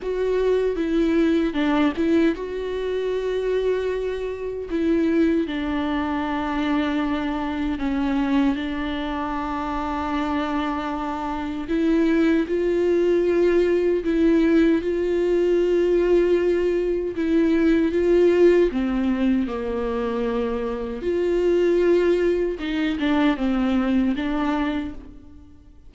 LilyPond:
\new Staff \with { instrumentName = "viola" } { \time 4/4 \tempo 4 = 77 fis'4 e'4 d'8 e'8 fis'4~ | fis'2 e'4 d'4~ | d'2 cis'4 d'4~ | d'2. e'4 |
f'2 e'4 f'4~ | f'2 e'4 f'4 | c'4 ais2 f'4~ | f'4 dis'8 d'8 c'4 d'4 | }